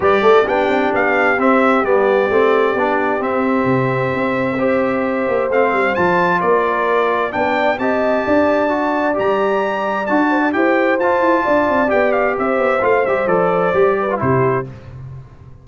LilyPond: <<
  \new Staff \with { instrumentName = "trumpet" } { \time 4/4 \tempo 4 = 131 d''4 g''4 f''4 e''4 | d''2. e''4~ | e''1 | f''4 a''4 d''2 |
g''4 a''2. | ais''2 a''4 g''4 | a''2 g''8 f''8 e''4 | f''8 e''8 d''2 c''4 | }
  \new Staff \with { instrumentName = "horn" } { \time 4/4 b'8 a'8 g'2.~ | g'1~ | g'2 c''2~ | c''2 ais'2 |
d''4 dis''4 d''2~ | d''2~ d''8 c''16 d''16 c''4~ | c''4 d''2 c''4~ | c''2~ c''8 b'8 g'4 | }
  \new Staff \with { instrumentName = "trombone" } { \time 4/4 g'4 d'2 c'4 | b4 c'4 d'4 c'4~ | c'2 g'2 | c'4 f'2. |
d'4 g'2 fis'4 | g'2 fis'4 g'4 | f'2 g'2 | f'8 g'8 a'4 g'8. f'16 e'4 | }
  \new Staff \with { instrumentName = "tuba" } { \time 4/4 g8 a8 b8 c'8 b4 c'4 | g4 a4 b4 c'4 | c4 c'2~ c'8 ais8 | a8 g8 f4 ais2 |
b4 c'4 d'2 | g2 d'4 e'4 | f'8 e'8 d'8 c'8 b4 c'8 b8 | a8 g8 f4 g4 c4 | }
>>